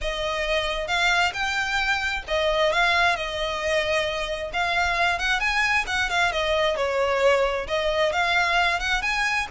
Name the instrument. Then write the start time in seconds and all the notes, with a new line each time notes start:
violin
0.01 D#5
0.87 F5
1.33 G5
2.27 D#5
2.72 F5
3.16 D#5
4.53 F5
5.19 F#5
5.40 G#5
5.86 F#5
6.09 F5
6.32 D#5
6.76 C#5
7.67 D#5
8.12 F5
8.79 F#5
9.02 G#5